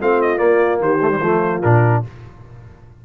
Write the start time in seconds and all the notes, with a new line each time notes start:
0.00 A3 C4 F4 F5
0.22 D#5
0.38 A#3 D5
0.81 D#3 G4 C5
1.02 A3
1.10 G3
1.22 F3 A3 F4
1.62 A#2 D4 A#4